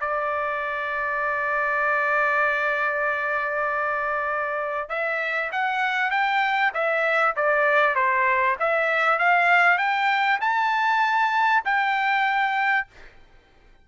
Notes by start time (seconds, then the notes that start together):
0.00 D5
4.89 E5
5.52 F#5
6.11 G5
6.74 E5
7.36 D5
7.95 C5
8.59 E5
9.19 F5
9.78 G5
10.41 A5
11.65 G5